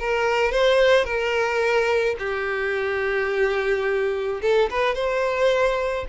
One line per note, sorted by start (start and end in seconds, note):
0.00 0.52 A#4
0.52 1.05 C5
1.05 2.16 A#4
2.19 4.41 G4
4.42 4.70 A4
4.71 4.95 B4
4.95 6.06 C5